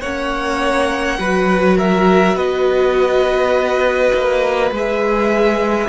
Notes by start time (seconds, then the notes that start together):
0.00 A#3 C#4 C#5 F#5
1.18 F#3 F#4 B4
1.77 A#4 E5
2.35 B3 B4 D#5
4.13 A#3
4.71 G#3 G#4 E5